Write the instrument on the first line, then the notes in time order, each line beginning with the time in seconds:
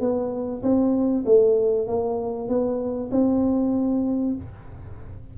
tuba
0.00 B3
0.62 C4
1.25 A3
1.87 A#3
2.48 B3
3.11 C4